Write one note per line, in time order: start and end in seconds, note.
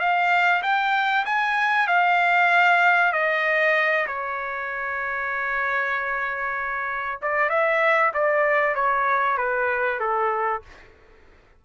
0.00 0.62 F5
0.63 1.25 G5
1.26 1.88 G#5
1.88 3.13 F5
3.13 4.07 D#5
4.07 7.20 C#5
7.22 7.50 D5
7.50 8.12 E5
8.14 8.75 D5
8.75 9.38 C#5
9.38 10.00 B4
10.00 10.62 A4